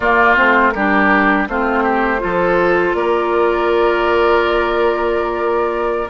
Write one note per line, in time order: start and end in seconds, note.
0.00 0.36 A#3
0.00 0.35 A#3
0.00 0.74 F4
0.00 0.36 D5
0.35 0.74 A3
0.35 0.72 C4
0.35 0.70 C5
0.70 1.48 G3
0.70 1.48 G4
0.70 1.44 A#4
0.76 1.48 D4
1.48 2.22 A3
1.48 2.18 C4
1.48 1.83 F4
1.48 2.94 C5
1.83 2.20 G4
2.18 2.94 F3
2.18 6.07 F4
2.18 2.96 A4
2.94 6.08 A#3
2.94 6.09 A#4
2.94 6.09 D5